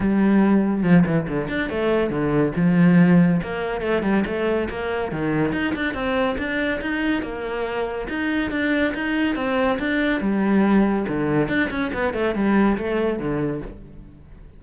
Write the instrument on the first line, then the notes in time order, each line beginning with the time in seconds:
cello
0.00 G3
0.82 F3
1.05 E3
1.27 D3
1.48 D4
1.69 A3
2.10 D3
2.56 F3
3.42 A#3
3.81 A3
4.02 G3
4.26 A3
4.69 A#3
5.11 D#3
5.52 D#4
5.75 D4
5.94 C4
6.37 D4
6.81 D#4
7.22 A#3
8.08 D#4
8.50 D4
8.94 D#4
9.35 C4
9.79 D4
10.21 G3
11.08 D3
11.48 D4
11.70 C#4
11.93 B3
12.13 A3
12.34 G3
12.77 A3
13.19 D3